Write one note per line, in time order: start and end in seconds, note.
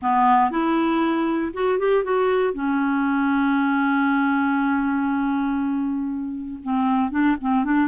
0.01 0.50 B3
0.50 1.52 E4
1.53 1.78 F#4
1.78 2.04 G4
2.04 2.53 F#4
2.53 6.60 C#4
6.63 7.10 C4
7.10 7.36 D4
7.41 7.64 C4
7.64 7.87 D4